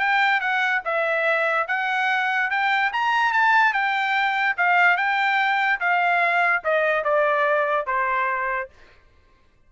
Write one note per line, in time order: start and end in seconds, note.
0.00 0.41 G5
0.41 0.82 F#5
0.85 1.68 E5
1.68 2.51 F#5
2.51 2.92 G5
2.93 3.33 A#5
3.33 3.74 A5
3.74 4.57 G5
4.57 4.97 F5
4.97 5.80 G5
5.80 6.63 F5
6.65 7.05 D#5
7.05 7.87 D5
7.87 8.70 C5